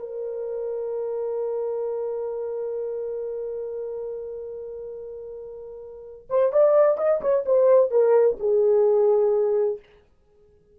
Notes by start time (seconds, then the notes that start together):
0.00 A#4
6.30 C5
6.53 D5
6.98 D#5
7.22 C#5
7.46 C5
7.91 A#4
8.40 G#4